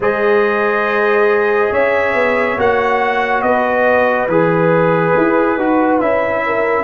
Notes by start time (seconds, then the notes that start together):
0.00 G#3 G#4 C5 D#5
1.71 C#4 C#5 E5
2.13 B3
2.57 A#3 F#4 F#5
3.42 B3 B4 D#5
4.27 E3 G#4 B4
5.16 E4
5.57 D#4 F#4
5.99 C#4 E4 E5
6.46 A#4